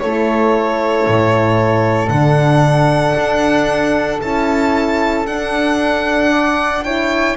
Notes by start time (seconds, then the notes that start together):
0.00 A3 E4 A4 C#5
1.07 A2
2.09 D3 D4 F#5
3.16 D4
4.21 C#4 E4 A5
5.26 D4 F#5
6.31 D5
6.84 E4 C#5 G5